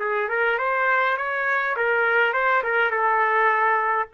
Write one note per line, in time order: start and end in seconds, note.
0.00 0.29 G#4
0.29 0.59 A#4
0.59 1.18 C5
1.18 1.76 C#5
1.77 2.33 A#4
2.33 2.63 C5
2.64 2.91 A#4
2.91 4.09 A4